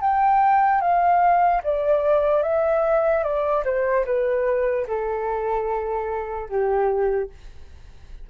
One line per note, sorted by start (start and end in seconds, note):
0.00 0.81 G5
0.81 1.62 F5
1.63 2.43 D5
2.43 3.23 E5
3.23 3.63 D5
3.64 4.05 C5
4.05 4.86 B4
4.87 6.49 A4
6.49 7.30 G4